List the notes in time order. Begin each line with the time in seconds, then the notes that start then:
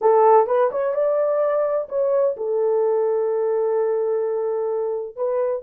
0.01 A4
0.46 B4
0.71 C#5
0.94 D5
1.88 C#5
2.36 A4
5.16 B4